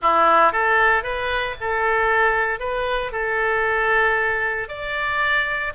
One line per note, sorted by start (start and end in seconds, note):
0.01 0.52 E4
0.52 1.03 A4
1.03 1.55 B4
1.60 2.59 A4
2.59 3.12 B4
3.12 4.68 A4
4.68 5.72 D5